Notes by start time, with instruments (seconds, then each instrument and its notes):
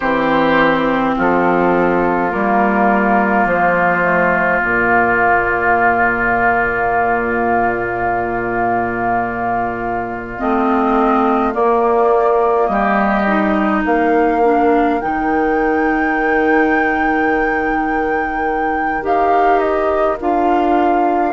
0.00 bassoon E3, clarinet C4, oboe G4, flute C5
1.16 bassoon F3, oboe F4, flute A4
2.30 bassoon G3, clarinet A#3, flute A#4
3.45 bassoon F3, flute C5
4.03 clarinet A3
4.61 bassoon A#2, clarinet A#3, flute D5
10.38 bassoon A3, clarinet C4, flute D#5
11.52 clarinet A#3, bassoon A#3, flute D5
12.66 bassoon G3, oboe G4, flute D#5
13.26 clarinet D#4
13.83 bassoon A#3, oboe A#4, flute F5
14.42 clarinet D4
15.00 bassoon D#3, clarinet D#4, flute G5
19.01 bassoon D#4, clarinet G4, flute F5
19.59 flute D#5
20.20 bassoon D4, clarinet F4, flute F5